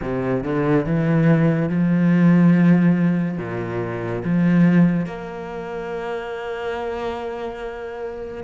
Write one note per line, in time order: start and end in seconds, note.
0.02 0.43 C3
0.43 0.85 D3
0.85 1.69 E3
1.69 3.38 F3
3.38 4.22 A#2
4.24 5.06 F3
5.06 8.43 A#3